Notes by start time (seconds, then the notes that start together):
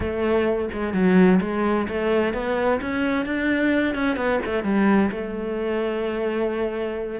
0.00 A3
0.73 G#3
0.93 F#3
1.41 G#3
1.88 A3
2.33 B3
2.81 C#4
3.25 D4
3.94 C#4
4.16 B3
4.45 A3
4.63 G3
5.11 A3